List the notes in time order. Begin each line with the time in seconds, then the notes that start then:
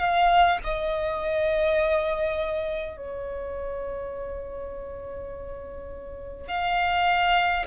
0.00 F5
0.64 D#5
2.97 C#5
6.48 F5